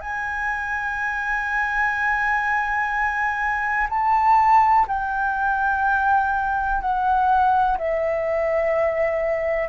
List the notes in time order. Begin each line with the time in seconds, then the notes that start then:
0.00 G#5
3.89 A5
4.87 G5
6.80 F#5
7.78 E5